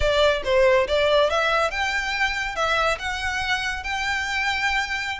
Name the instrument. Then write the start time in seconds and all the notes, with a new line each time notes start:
violin
0.00 D5
0.44 C5
0.87 D5
1.30 E5
1.71 G5
2.55 E5
2.98 F#5
3.83 G5